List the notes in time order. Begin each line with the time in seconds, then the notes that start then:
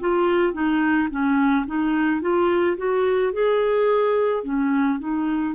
0.00 F4
0.53 D#4
1.10 C#4
1.66 D#4
2.21 F4
2.77 F#4
3.33 G#4
4.44 C#4
4.99 D#4